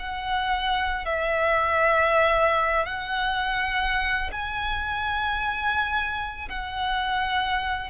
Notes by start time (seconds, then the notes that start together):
0.00 F#5
1.06 E5
2.86 F#5
4.32 G#5
6.50 F#5